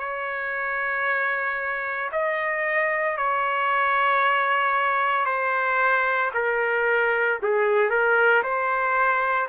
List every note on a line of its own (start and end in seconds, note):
0.00 2.11 C#5
2.12 3.18 D#5
3.18 5.26 C#5
5.26 6.31 C5
6.34 7.40 A#4
7.43 7.90 G#4
7.90 8.43 A#4
8.44 9.49 C5